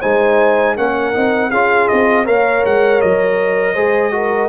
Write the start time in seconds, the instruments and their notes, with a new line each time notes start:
0.00 tuba G#3, trombone D#4, horn C5, trumpet G#5
0.76 tuba A#3, trombone C#4, horn A#4, trumpet F#5
1.13 tuba C4, trombone D#4
1.50 tuba C#4, trombone F4, horn G#4, trumpet F5
1.88 tuba C4, trumpet D#5
2.25 tuba A#3, trombone A#4, horn C#5, trumpet F5
2.65 tuba G#3, trumpet F#5
3.00 tuba F#3, trumpet D#5
3.73 tuba G#3, trombone G#4, horn C5
4.11 trombone F#4, horn A#4